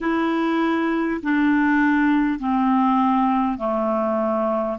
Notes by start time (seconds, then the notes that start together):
0.00 E4
1.22 D4
2.39 C4
3.57 A3